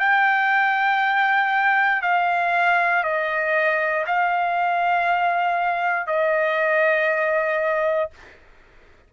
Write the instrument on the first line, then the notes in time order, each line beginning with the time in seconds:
trumpet
0.00 G5
2.02 F5
3.04 D#5
4.07 F5
6.07 D#5